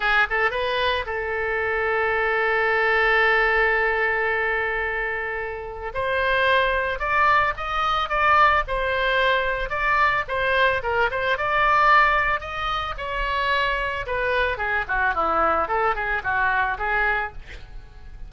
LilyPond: \new Staff \with { instrumentName = "oboe" } { \time 4/4 \tempo 4 = 111 gis'8 a'8 b'4 a'2~ | a'1~ | a'2. c''4~ | c''4 d''4 dis''4 d''4 |
c''2 d''4 c''4 | ais'8 c''8 d''2 dis''4 | cis''2 b'4 gis'8 fis'8 | e'4 a'8 gis'8 fis'4 gis'4 | }